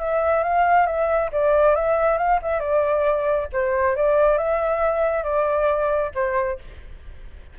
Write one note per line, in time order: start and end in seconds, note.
0.00 0.44 E5
0.44 0.87 F5
0.87 1.30 E5
1.33 1.76 D5
1.76 2.18 E5
2.18 2.40 F5
2.43 2.60 E5
2.60 3.48 D5
3.53 3.96 C5
3.96 4.38 D5
4.38 5.24 E5
5.24 6.12 D5
6.15 6.59 C5